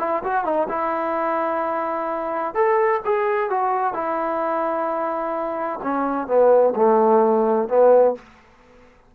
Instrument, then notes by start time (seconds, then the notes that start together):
trombone
0.00 E4
0.24 F#4
0.45 D#4
0.70 E4
2.55 A4
3.05 G#4
3.51 F#4
3.94 E4
5.83 C#4
6.27 B3
6.76 A3
7.69 B3